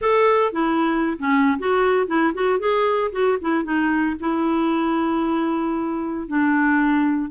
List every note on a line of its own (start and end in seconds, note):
0.01 0.52 A4
0.52 1.17 E4
1.18 1.57 C#4
1.58 2.07 F#4
2.07 2.33 E4
2.34 2.59 F#4
2.59 3.11 G#4
3.12 3.38 F#4
3.41 3.64 E4
3.64 4.16 D#4
4.20 6.27 E4
6.27 7.30 D4